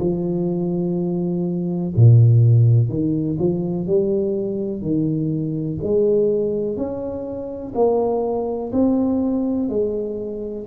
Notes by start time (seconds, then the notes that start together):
0.00 F3
1.97 A#2
2.89 D#3
3.39 F3
3.87 G3
4.82 D#3
5.83 G#3
6.77 C#4
7.75 A#3
8.73 C4
9.70 G#3